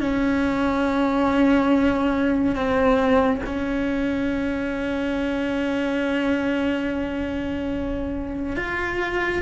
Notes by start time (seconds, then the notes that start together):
0.00 C#4
2.55 C4
3.46 C#4
8.56 F4